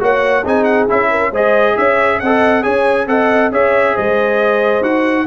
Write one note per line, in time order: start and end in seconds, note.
0.00 0.45 A#3
0.00 0.44 F#4
0.00 0.44 C#5
0.00 0.47 F#5
0.44 0.90 C4
0.44 0.89 D#4
0.44 1.10 G#4
0.44 0.64 G#5
0.64 0.86 F#5
0.89 1.32 C#4
0.89 1.32 E4
0.89 1.35 E5
1.11 1.33 A#4
1.32 1.76 G#3
1.32 2.22 G#4
1.32 1.76 C5
1.32 1.78 D#5
1.78 2.22 C#4
1.78 2.22 C#5
1.78 2.20 E5
2.20 2.66 C4
2.20 2.63 A4
2.20 2.63 D#5
2.20 2.64 F#5
2.63 3.07 C#4
2.63 3.07 G#4
2.63 3.07 C#5
2.63 3.08 G#5
3.07 3.51 C4
3.07 3.52 A4
3.07 3.53 D#5
3.07 3.52 F#5
3.51 3.95 C#4
3.51 4.83 G#4
3.51 3.95 C#5
3.51 3.97 E5
3.95 4.82 G#3
3.95 5.26 C5
3.95 4.84 D#5
4.82 5.26 D#4
4.82 5.27 F#4
4.82 5.27 F#5